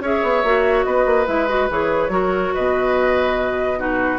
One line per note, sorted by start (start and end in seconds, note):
0.00 0.21 C#4
0.00 0.45 G#4
0.00 0.86 C#5
0.00 0.84 E5
0.23 0.44 B3
0.44 0.85 A#3
0.44 1.26 F#4
0.84 1.06 B3
0.84 2.12 B4
0.84 1.26 D#5
1.06 1.27 A#3
1.26 1.70 G#3
1.26 1.47 E4
1.26 1.48 E5
1.48 1.69 F#4
1.48 1.69 D#5
1.70 2.09 E3
1.70 2.10 G#4
1.70 2.55 C#5
2.09 2.51 F#3
2.09 3.77 F#4
2.09 2.54 A#4
2.54 4.19 B2
2.54 3.79 B4
2.54 3.80 D#5
3.77 4.19 D#4
3.77 4.19 F#4
3.77 4.19 B4